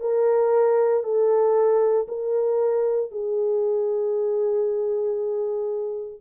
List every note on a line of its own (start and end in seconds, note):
0.00 1.03 A#4
1.03 2.07 A4
2.07 3.11 A#4
3.11 6.20 G#4